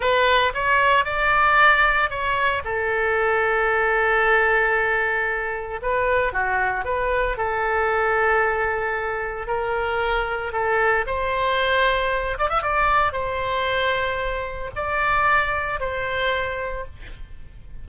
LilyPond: \new Staff \with { instrumentName = "oboe" } { \time 4/4 \tempo 4 = 114 b'4 cis''4 d''2 | cis''4 a'2.~ | a'2. b'4 | fis'4 b'4 a'2~ |
a'2 ais'2 | a'4 c''2~ c''8 d''16 e''16 | d''4 c''2. | d''2 c''2 | }